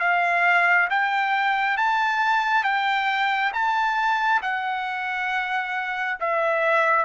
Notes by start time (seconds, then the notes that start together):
0.00 F5
0.90 G5
1.77 A5
2.64 G5
3.53 A5
4.42 F#5
6.20 E5